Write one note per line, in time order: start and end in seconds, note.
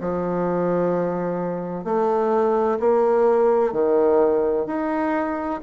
0.00 1.84 F3
1.84 2.78 A3
2.79 3.72 A#3
3.72 4.66 D#3
4.66 5.60 D#4